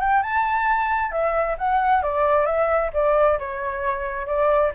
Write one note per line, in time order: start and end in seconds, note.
0.00 0.22 G5
0.22 1.11 A5
1.11 1.56 E5
1.58 2.02 F#5
2.02 2.45 D5
2.45 2.90 E5
2.93 3.38 D5
3.39 4.26 C#5
4.26 4.71 D5